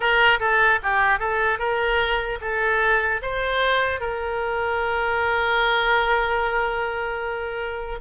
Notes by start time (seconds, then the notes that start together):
0.00 A#4
0.39 A4
0.82 G4
1.19 A4
1.59 A#4
2.41 A4
3.21 C5
4.00 A#4